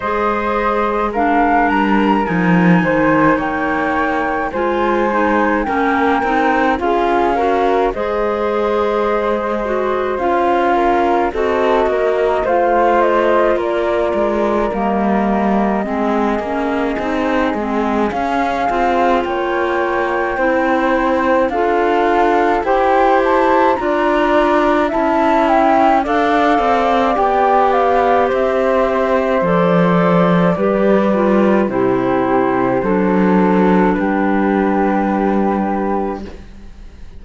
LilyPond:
<<
  \new Staff \with { instrumentName = "flute" } { \time 4/4 \tempo 4 = 53 dis''4 f''8 ais''8 gis''4 g''4 | gis''4 g''4 f''4 dis''4~ | dis''4 f''4 dis''4 f''8 dis''8 | d''4 dis''2. |
f''4 g''2 f''4 | g''8 a''8 ais''4 a''8 g''8 f''4 | g''8 f''8 e''4 d''2 | c''2 b'2 | }
  \new Staff \with { instrumentName = "flute" } { \time 4/4 c''4 ais'4. c''8 cis''4 | c''4 ais'4 gis'8 ais'8 c''4~ | c''4. ais'8 a'8 ais'8 c''4 | ais'2 gis'2~ |
gis'4 cis''4 c''4 a'4 | c''4 d''4 e''4 d''4~ | d''4 c''2 b'4 | g'4 a'4 g'2 | }
  \new Staff \with { instrumentName = "clarinet" } { \time 4/4 gis'4 d'4 dis'2 | f'8 dis'8 cis'8 dis'8 f'8 fis'8 gis'4~ | gis'8 fis'8 f'4 fis'4 f'4~ | f'4 ais4 c'8 cis'8 dis'8 c'8 |
cis'8 f'4. e'4 f'4 | g'4 f'4 e'4 a'4 | g'2 a'4 g'8 f'8 | e'4 d'2. | }
  \new Staff \with { instrumentName = "cello" } { \time 4/4 gis4. g8 f8 dis8 ais4 | gis4 ais8 c'8 cis'4 gis4~ | gis4 cis'4 c'8 ais8 a4 | ais8 gis8 g4 gis8 ais8 c'8 gis8 |
cis'8 c'8 ais4 c'4 d'4 | e'4 d'4 cis'4 d'8 c'8 | b4 c'4 f4 g4 | c4 fis4 g2 | }
>>